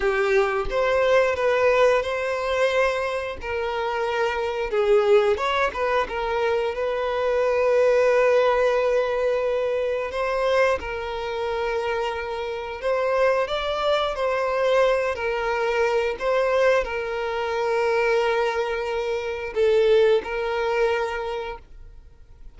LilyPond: \new Staff \with { instrumentName = "violin" } { \time 4/4 \tempo 4 = 89 g'4 c''4 b'4 c''4~ | c''4 ais'2 gis'4 | cis''8 b'8 ais'4 b'2~ | b'2. c''4 |
ais'2. c''4 | d''4 c''4. ais'4. | c''4 ais'2.~ | ais'4 a'4 ais'2 | }